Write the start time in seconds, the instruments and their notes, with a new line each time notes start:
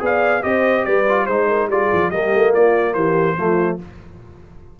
0.00 tuba B3, trombone G#4, horn D5, trumpet F5
0.42 tuba C4, trombone G4, horn C5, trumpet D#5
0.85 tuba G3, horn B4, trumpet D5
1.09 trombone F4
1.26 tuba G#3, trombone D#4, horn C5, trumpet C5
1.48 horn A#4
1.68 tuba G3, trombone F4, horn G#4, trumpet D5
1.93 tuba F3
2.11 tuba G3, trombone A#3, horn G4, trumpet D#5
2.35 tuba A3
2.53 tuba A#3, horn F4, trumpet D5
2.94 tuba E3, horn G4, trumpet C5
3.37 tuba F3, trombone A3, horn F4